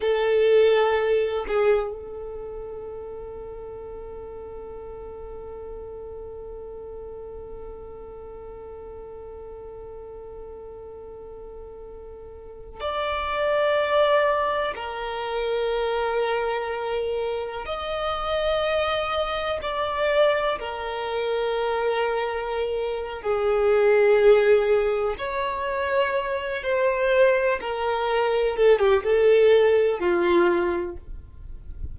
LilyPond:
\new Staff \with { instrumentName = "violin" } { \time 4/4 \tempo 4 = 62 a'4. gis'8 a'2~ | a'1~ | a'1~ | a'4~ a'16 d''2 ais'8.~ |
ais'2~ ais'16 dis''4.~ dis''16~ | dis''16 d''4 ais'2~ ais'8. | gis'2 cis''4. c''8~ | c''8 ais'4 a'16 g'16 a'4 f'4 | }